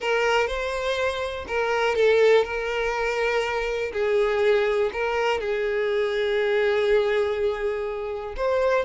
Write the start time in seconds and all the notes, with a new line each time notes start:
0.00 A#4
0.47 C5
1.47 A#4
1.95 A4
2.44 A#4
3.92 G#4
4.92 A#4
5.40 G#4
8.36 C5